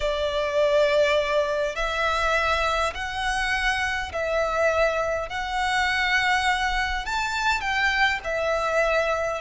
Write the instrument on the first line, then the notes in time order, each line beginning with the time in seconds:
violin
0.00 D5
1.75 E5
2.94 F#5
4.12 E5
5.29 F#5
7.05 A5
7.60 G5
8.24 E5